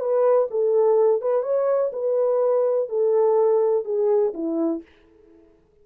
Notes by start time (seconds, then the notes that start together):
0.00 B4
0.51 A4
1.22 B4
1.43 C#5
1.93 B4
2.89 A4
3.85 G#4
4.34 E4